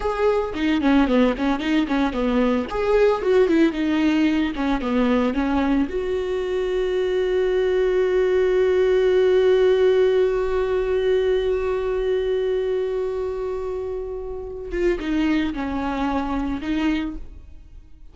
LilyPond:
\new Staff \with { instrumentName = "viola" } { \time 4/4 \tempo 4 = 112 gis'4 dis'8 cis'8 b8 cis'8 dis'8 cis'8 | b4 gis'4 fis'8 e'8 dis'4~ | dis'8 cis'8 b4 cis'4 fis'4~ | fis'1~ |
fis'1~ | fis'1~ | fis'2.~ fis'8 f'8 | dis'4 cis'2 dis'4 | }